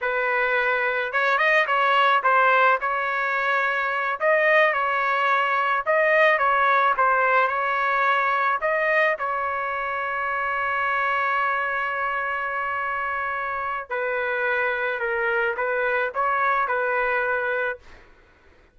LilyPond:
\new Staff \with { instrumentName = "trumpet" } { \time 4/4 \tempo 4 = 108 b'2 cis''8 dis''8 cis''4 | c''4 cis''2~ cis''8 dis''8~ | dis''8 cis''2 dis''4 cis''8~ | cis''8 c''4 cis''2 dis''8~ |
dis''8 cis''2.~ cis''8~ | cis''1~ | cis''4 b'2 ais'4 | b'4 cis''4 b'2 | }